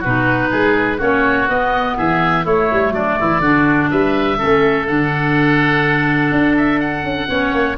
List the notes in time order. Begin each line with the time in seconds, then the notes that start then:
0.00 B2 D#4 F#4 B4
0.51 G#3 G#4
0.97 A#3 C#4 F#4 C#5
1.49 B3 D#5
1.97 E3 G#4 E5
2.44 A3 E4 C#5
2.72 G3
2.91 F#3 D4 D5
3.20 E3 E4
3.40 D3 D4 F#4
3.91 G3 B4 E5
4.38 A3 C#4 A4
4.87 D3 D4 F#5
6.32 D4
6.57 E5
6.80 F#5
7.03 C#4
7.28 B3 C#4 C#5
7.53 A#3